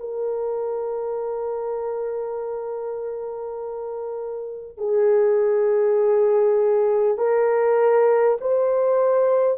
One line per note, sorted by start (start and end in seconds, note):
0.00 4.78 A#4
4.78 7.18 G#4
7.18 8.38 A#4
8.42 9.58 C5